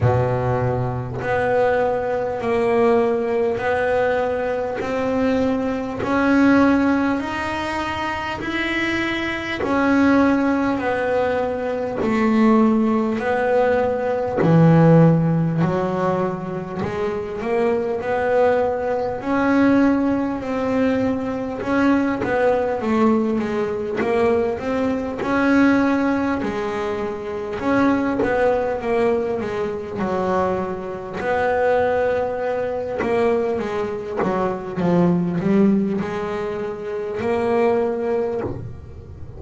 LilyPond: \new Staff \with { instrumentName = "double bass" } { \time 4/4 \tempo 4 = 50 b,4 b4 ais4 b4 | c'4 cis'4 dis'4 e'4 | cis'4 b4 a4 b4 | e4 fis4 gis8 ais8 b4 |
cis'4 c'4 cis'8 b8 a8 gis8 | ais8 c'8 cis'4 gis4 cis'8 b8 | ais8 gis8 fis4 b4. ais8 | gis8 fis8 f8 g8 gis4 ais4 | }